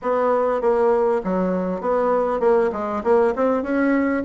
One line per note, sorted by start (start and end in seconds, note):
0.02 0.61 B3
0.61 1.21 A#3
1.24 1.80 F#3
1.80 2.40 B3
2.40 2.70 A#3
2.72 3.02 G#3
3.03 3.33 A#3
3.35 3.62 C4
3.62 4.23 C#4